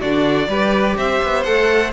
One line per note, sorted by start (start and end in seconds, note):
0.00 0.47 D3
0.00 0.49 D4
0.00 0.48 F#4
0.00 0.96 D5
0.47 0.95 G3
0.47 1.45 G4
0.47 0.96 B4
0.96 1.20 C4
0.96 1.92 C5
0.96 1.43 E5
1.24 1.46 B3
1.43 1.92 A3
1.43 1.92 A4
1.43 1.91 F#5